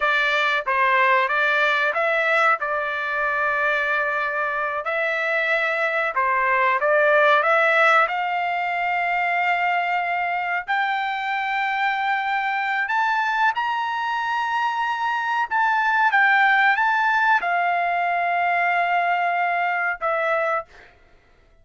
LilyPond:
\new Staff \with { instrumentName = "trumpet" } { \time 4/4 \tempo 4 = 93 d''4 c''4 d''4 e''4 | d''2.~ d''8 e''8~ | e''4. c''4 d''4 e''8~ | e''8 f''2.~ f''8~ |
f''8 g''2.~ g''8 | a''4 ais''2. | a''4 g''4 a''4 f''4~ | f''2. e''4 | }